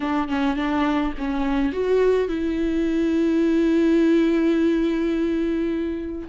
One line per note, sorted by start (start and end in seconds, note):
0.00 0.28 D4
0.28 0.56 C#4
0.56 1.13 D4
1.18 1.72 C#4
1.72 2.28 F#4
2.28 6.28 E4